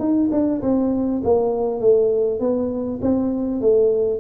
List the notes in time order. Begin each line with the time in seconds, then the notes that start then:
0.00 D#4
0.32 D4
0.62 C4
1.24 A#3
1.81 A3
2.40 B3
3.02 C4
3.61 A3